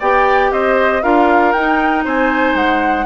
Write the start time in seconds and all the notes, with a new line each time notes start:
0.00 B3 G4 D5 G5
0.52 C4 C5 D#5
1.03 D4 F4 A#4 F5
1.52 D#4 G5
2.05 C4 C5 G#5
2.55 G#3 F#5